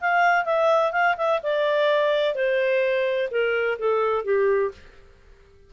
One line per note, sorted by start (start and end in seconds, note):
0.00 0.45 F5
0.45 0.92 E5
0.92 1.16 F5
1.17 1.41 E5
1.43 2.35 D5
2.35 3.29 C5
3.31 3.78 A#4
3.79 4.24 A4
4.24 4.71 G4